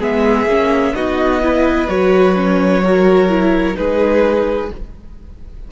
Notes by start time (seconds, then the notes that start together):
0.00 G#3 B3 G#4 E5
0.46 A#3 C#4
0.95 B3 D#4 F#4 D#5
1.42 E4 B4
1.88 F#3 F#4 C#5
2.36 C#4
2.84 F#4 A#4
3.29 E4
3.75 G#3 D#4 G#4 B4